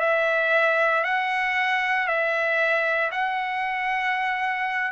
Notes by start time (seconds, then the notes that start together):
0.00 E5
1.04 F#5
2.07 E5
3.11 F#5